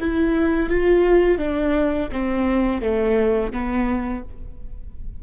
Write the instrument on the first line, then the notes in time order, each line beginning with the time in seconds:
viola
0.00 E4
0.70 F4
1.38 D4
2.12 C4
2.82 A3
3.52 B3